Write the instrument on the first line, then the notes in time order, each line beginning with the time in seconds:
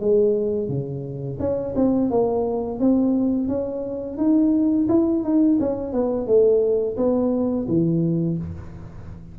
tuba
0.00 G#3
0.68 C#3
1.40 C#4
1.76 C4
2.11 A#3
2.80 C4
3.49 C#4
4.18 D#4
4.89 E4
5.24 D#4
5.60 C#4
5.93 B3
6.27 A3
6.97 B3
7.68 E3